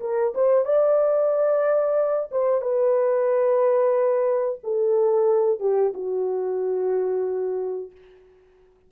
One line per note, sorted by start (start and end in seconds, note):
0.00 0.33 A#4
0.34 0.64 C5
0.64 2.29 D5
2.31 2.61 C5
2.61 4.59 B4
4.63 5.60 A4
5.60 5.93 G4
5.93 7.91 F#4